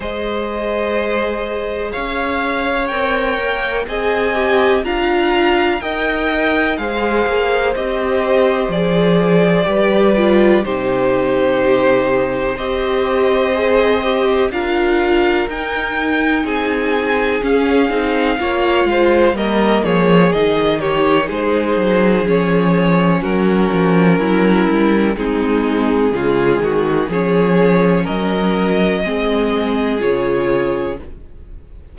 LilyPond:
<<
  \new Staff \with { instrumentName = "violin" } { \time 4/4 \tempo 4 = 62 dis''2 f''4 g''4 | gis''4 ais''4 g''4 f''4 | dis''4 d''2 c''4~ | c''4 dis''2 f''4 |
g''4 gis''4 f''2 | dis''8 cis''8 dis''8 cis''8 c''4 cis''4 | ais'2 gis'2 | cis''4 dis''2 cis''4 | }
  \new Staff \with { instrumentName = "violin" } { \time 4/4 c''2 cis''2 | dis''4 f''4 dis''4 c''4~ | c''2 b'4 g'4~ | g'4 c''2 ais'4~ |
ais'4 gis'2 cis''8 c''8 | ais'8 gis'4 g'8 gis'2 | fis'4 e'4 dis'4 f'8 fis'8 | gis'4 ais'4 gis'2 | }
  \new Staff \with { instrumentName = "viola" } { \time 4/4 gis'2. ais'4 | gis'8 g'8 f'4 ais'4 gis'4 | g'4 gis'4 g'8 f'8 dis'4~ | dis'4 g'4 gis'8 g'8 f'4 |
dis'2 cis'8 dis'8 f'4 | ais4 dis'2 cis'4~ | cis'2 c'4 gis4 | cis'2 c'4 f'4 | }
  \new Staff \with { instrumentName = "cello" } { \time 4/4 gis2 cis'4 c'8 ais8 | c'4 d'4 dis'4 gis8 ais8 | c'4 f4 g4 c4~ | c4 c'2 d'4 |
dis'4 c'4 cis'8 c'8 ais8 gis8 | g8 f8 dis4 gis8 fis8 f4 | fis8 f8 fis8 g8 gis4 cis8 dis8 | f4 fis4 gis4 cis4 | }
>>